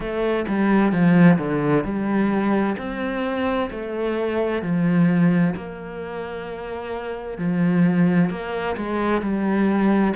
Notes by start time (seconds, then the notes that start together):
0.00 A3
0.47 G3
0.91 F3
1.38 D3
1.84 G3
2.77 C4
3.70 A3
4.62 F3
5.56 A#3
7.38 F3
8.30 A#3
8.77 G#3
9.21 G3